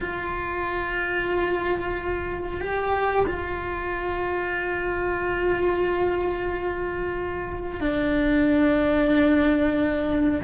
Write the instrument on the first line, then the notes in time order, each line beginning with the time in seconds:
cello
0.01 F4
2.61 G4
3.26 F4
7.80 D4